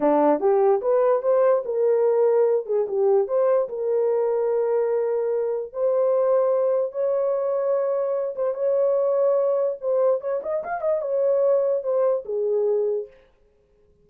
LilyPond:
\new Staff \with { instrumentName = "horn" } { \time 4/4 \tempo 4 = 147 d'4 g'4 b'4 c''4 | ais'2~ ais'8 gis'8 g'4 | c''4 ais'2.~ | ais'2 c''2~ |
c''4 cis''2.~ | cis''8 c''8 cis''2. | c''4 cis''8 dis''8 f''8 dis''8 cis''4~ | cis''4 c''4 gis'2 | }